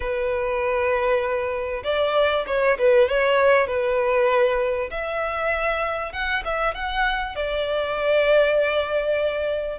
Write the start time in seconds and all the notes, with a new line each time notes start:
0.00 B4
1.83 D5
2.47 C#5
2.78 B4
3.08 C#5
3.67 B4
4.90 E5
6.12 F#5
6.45 E5
6.74 F#5
7.35 D5